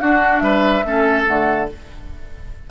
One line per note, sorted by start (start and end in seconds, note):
0.00 0.41 D4
0.00 0.85 D4
0.00 0.43 F#4
0.00 0.39 F#5
0.39 0.83 G3
0.39 0.85 B4
0.39 1.23 E5
0.84 1.26 A3
0.84 1.26 C#4
0.84 1.71 A4
1.26 1.71 D3
1.26 1.67 A3
1.26 1.69 F#5